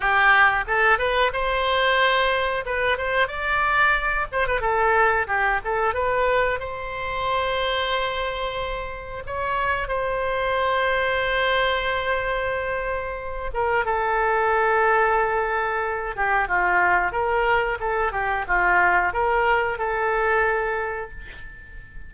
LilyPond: \new Staff \with { instrumentName = "oboe" } { \time 4/4 \tempo 4 = 91 g'4 a'8 b'8 c''2 | b'8 c''8 d''4. c''16 b'16 a'4 | g'8 a'8 b'4 c''2~ | c''2 cis''4 c''4~ |
c''1~ | c''8 ais'8 a'2.~ | a'8 g'8 f'4 ais'4 a'8 g'8 | f'4 ais'4 a'2 | }